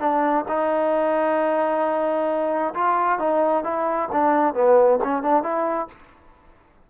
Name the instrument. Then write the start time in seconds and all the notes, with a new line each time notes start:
trombone
0.00 D4
0.48 D#4
2.74 F4
3.19 D#4
3.64 E4
4.12 D4
4.54 B3
5.04 C#4
5.23 D4
5.43 E4